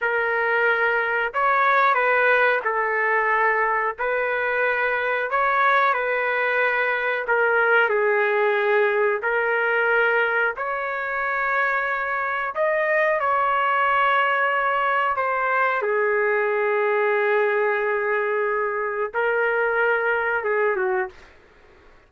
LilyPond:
\new Staff \with { instrumentName = "trumpet" } { \time 4/4 \tempo 4 = 91 ais'2 cis''4 b'4 | a'2 b'2 | cis''4 b'2 ais'4 | gis'2 ais'2 |
cis''2. dis''4 | cis''2. c''4 | gis'1~ | gis'4 ais'2 gis'8 fis'8 | }